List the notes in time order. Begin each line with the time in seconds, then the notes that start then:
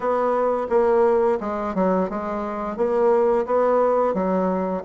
0.00 B3
0.69 A#3
1.40 G#3
1.75 F#3
2.09 G#3
2.76 A#3
3.46 B3
4.14 F#3